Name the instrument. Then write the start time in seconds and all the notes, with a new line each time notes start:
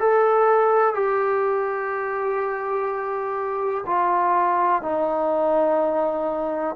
trombone
0.00 A4
0.95 G4
3.86 F4
4.83 D#4